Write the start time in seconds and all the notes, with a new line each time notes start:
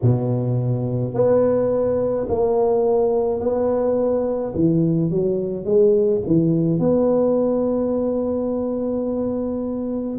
0.02 B2
1.13 B3
2.28 A#3
3.40 B3
4.54 E3
5.10 F#3
5.64 G#3
6.26 E3
6.79 B3